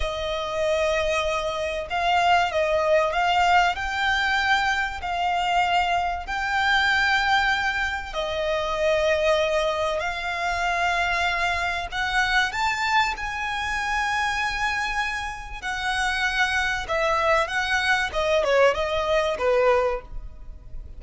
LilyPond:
\new Staff \with { instrumentName = "violin" } { \time 4/4 \tempo 4 = 96 dis''2. f''4 | dis''4 f''4 g''2 | f''2 g''2~ | g''4 dis''2. |
f''2. fis''4 | a''4 gis''2.~ | gis''4 fis''2 e''4 | fis''4 dis''8 cis''8 dis''4 b'4 | }